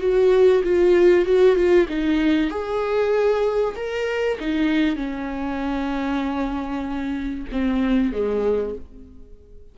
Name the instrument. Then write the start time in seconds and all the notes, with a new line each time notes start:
viola
0.00 F#4
0.63 F4
1.25 F#4
1.55 F4
1.88 D#4
2.50 G#4
3.75 A#4
4.39 D#4
4.95 C#4
7.52 C4
8.12 G#3